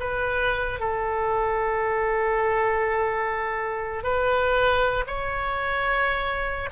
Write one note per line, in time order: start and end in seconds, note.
0.00 0.80 B4
0.80 4.03 A4
4.03 5.05 B4
5.07 6.69 C#5